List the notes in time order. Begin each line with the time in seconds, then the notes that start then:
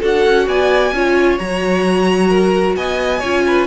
0.00 D4 F#4 A4 F#5
0.26 C#4
0.47 B3 D5 G#5
0.92 C#4 F4 C#5
1.38 F#3 F#4 A#5
2.30 A#4
2.75 B3 D#5 G#5
3.19 C#4 F4 C#5
3.47 B4